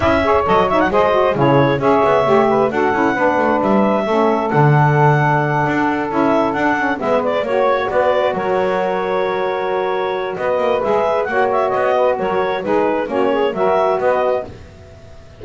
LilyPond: <<
  \new Staff \with { instrumentName = "clarinet" } { \time 4/4 \tempo 4 = 133 e''4 dis''8 e''16 fis''16 dis''4 cis''4 | e''2 fis''2 | e''2 fis''2~ | fis''4. e''4 fis''4 e''8 |
d''8 cis''4 d''4 cis''4.~ | cis''2. dis''4 | e''4 fis''8 e''8 dis''4 cis''4 | b'4 cis''4 e''4 dis''4 | }
  \new Staff \with { instrumentName = "saxophone" } { \time 4/4 dis''8 cis''4. c''4 gis'4 | cis''4. b'8 a'4 b'4~ | b'4 a'2.~ | a'2.~ a'8 b'8~ |
b'8 cis''4 b'4 ais'4.~ | ais'2. b'4~ | b'4 cis''4. b'8 ais'4 | gis'4 fis'8 gis'8 ais'4 b'4 | }
  \new Staff \with { instrumentName = "saxophone" } { \time 4/4 e'8 gis'8 a'8 dis'8 gis'8 fis'8 e'4 | gis'4 g'4 fis'8 e'8 d'4~ | d'4 cis'4 d'2~ | d'4. e'4 d'8 cis'8 b8~ |
b8 fis'2.~ fis'8~ | fis'1 | gis'4 fis'2. | dis'4 cis'4 fis'2 | }
  \new Staff \with { instrumentName = "double bass" } { \time 4/4 cis'4 fis4 gis4 cis4 | cis'8 b8 a4 d'8 cis'8 b8 a8 | g4 a4 d2~ | d8 d'4 cis'4 d'4 gis8~ |
gis8 ais4 b4 fis4.~ | fis2. b8 ais8 | gis4 ais4 b4 fis4 | gis4 ais4 fis4 b4 | }
>>